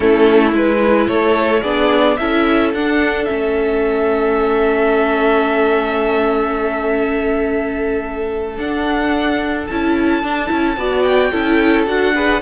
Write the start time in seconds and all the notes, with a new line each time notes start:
0.00 A3 C#4 E4 A4
0.53 G#3 E4 B4
1.07 A3 A4 C#5
1.62 B3 D4 G#4 D5
2.16 C#4 E4 A4 E5
2.73 D4 F#5
3.24 A3 C#4 E5
8.57 D4 F#5
9.66 C#4 E4 A5
10.23 D4
10.47 C#4 E4
10.76 B3 F#4 D5
11.02 G5
11.31 C#4 E4 A4
11.86 D4 F#4 F#5
12.14 G#4 B4